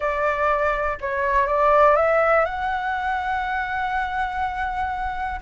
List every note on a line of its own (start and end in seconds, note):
0.00 0.97 D5
1.00 1.46 C#5
1.46 1.96 D5
1.96 2.45 E5
2.45 5.40 F#5